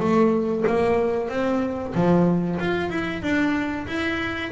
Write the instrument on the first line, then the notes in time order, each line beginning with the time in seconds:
double bass
0.00 A3
0.67 A#3
1.29 C4
1.95 F3
2.60 F4
2.90 E4
3.22 D4
3.87 E4